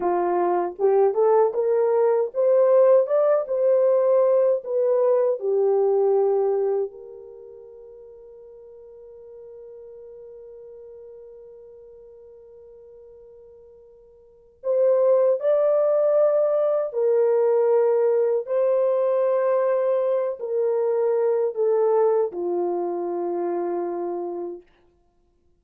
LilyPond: \new Staff \with { instrumentName = "horn" } { \time 4/4 \tempo 4 = 78 f'4 g'8 a'8 ais'4 c''4 | d''8 c''4. b'4 g'4~ | g'4 ais'2.~ | ais'1~ |
ais'2. c''4 | d''2 ais'2 | c''2~ c''8 ais'4. | a'4 f'2. | }